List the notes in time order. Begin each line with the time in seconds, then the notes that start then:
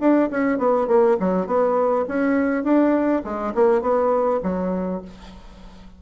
0.00 D4
0.31 C#4
0.58 B3
0.87 A#3
1.20 F#3
1.47 B3
2.08 C#4
2.64 D4
3.24 G#3
3.55 A#3
3.81 B3
4.43 F#3